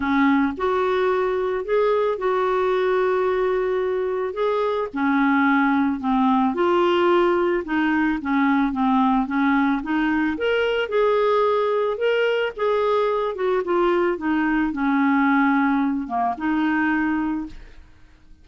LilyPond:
\new Staff \with { instrumentName = "clarinet" } { \time 4/4 \tempo 4 = 110 cis'4 fis'2 gis'4 | fis'1 | gis'4 cis'2 c'4 | f'2 dis'4 cis'4 |
c'4 cis'4 dis'4 ais'4 | gis'2 ais'4 gis'4~ | gis'8 fis'8 f'4 dis'4 cis'4~ | cis'4. ais8 dis'2 | }